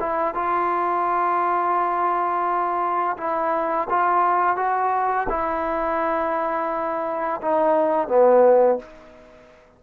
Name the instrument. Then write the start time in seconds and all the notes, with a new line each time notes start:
trombone
0.00 E4
0.34 F4
3.17 E4
3.89 F4
4.56 F#4
5.29 E4
7.41 D#4
8.08 B3